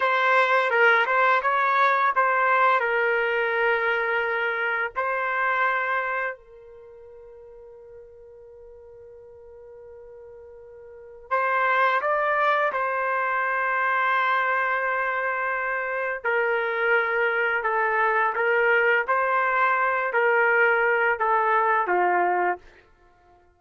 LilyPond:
\new Staff \with { instrumentName = "trumpet" } { \time 4/4 \tempo 4 = 85 c''4 ais'8 c''8 cis''4 c''4 | ais'2. c''4~ | c''4 ais'2.~ | ais'1 |
c''4 d''4 c''2~ | c''2. ais'4~ | ais'4 a'4 ais'4 c''4~ | c''8 ais'4. a'4 f'4 | }